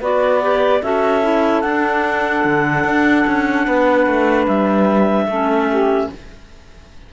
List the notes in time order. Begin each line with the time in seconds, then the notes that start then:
0.00 B3 F#4 B4 D5
0.42 G4
0.82 C#4 F#4 A4 E5
1.22 E4
1.61 D4 F#5
2.45 D3
2.84 D4
3.27 C#4
3.66 B3 B4
4.07 A3
4.48 G3 E5
5.26 A3 C#4 A4
5.69 G4